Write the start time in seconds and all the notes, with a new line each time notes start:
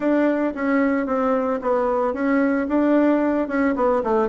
0.00 D4
0.54 C#4
1.06 C4
1.61 B3
2.13 C#4
2.68 D4
3.48 C#4
3.75 B3
4.03 A3